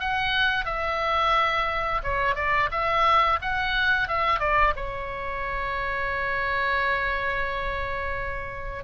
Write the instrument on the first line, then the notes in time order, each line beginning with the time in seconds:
oboe
0.00 F#5
0.65 E5
2.03 C#5
2.35 D5
2.71 E5
3.42 F#5
4.08 E5
4.39 D5
4.76 C#5